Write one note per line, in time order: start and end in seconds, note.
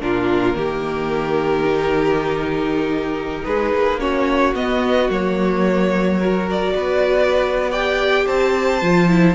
0.00 0.54 A#2
0.00 0.55 D4
0.00 0.57 F4
0.00 3.45 A#4
0.54 3.43 D#3
0.54 1.64 A#3
0.54 3.46 G4
1.64 3.98 D#4
3.45 3.73 G#3
3.45 4.01 G#4
3.45 4.00 B4
3.73 4.54 A#3
4.00 4.55 C#4
4.00 6.19 F#4
4.00 4.55 C#5
4.54 5.09 B3
4.54 5.10 B3
4.54 5.10 D#5
5.09 6.74 F#3
5.09 6.20 A#3
5.09 6.50 C#5
6.19 7.71 F#4
6.19 6.74 A#4
6.50 7.72 D5
6.74 8.25 B3
6.74 7.71 B4
7.71 8.81 G4
7.71 8.26 D5
7.71 8.27 G5
8.26 8.82 C4
8.26 9.35 C5
8.26 9.35 A5
8.82 9.35 F3
8.82 9.09 F4
9.09 9.35 E4